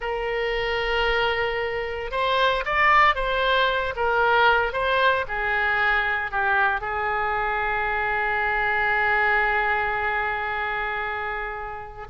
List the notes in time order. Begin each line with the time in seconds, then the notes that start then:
0.00 A#4
2.11 C5
2.65 D5
3.15 C5
3.96 A#4
4.72 C5
5.28 G#4
6.31 G4
6.80 G#4